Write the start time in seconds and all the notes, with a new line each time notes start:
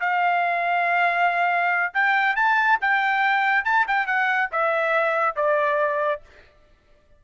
0.00 F5
1.94 G5
2.36 A5
2.81 G5
3.64 A5
3.87 G5
4.07 F#5
4.52 E5
5.36 D5